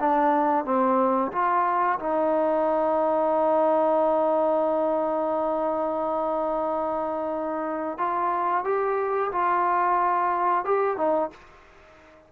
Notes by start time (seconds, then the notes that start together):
0.00 D4
0.65 C4
1.32 F4
2.00 D#4
7.98 F4
8.65 G4
9.32 F4
10.65 G4
10.98 D#4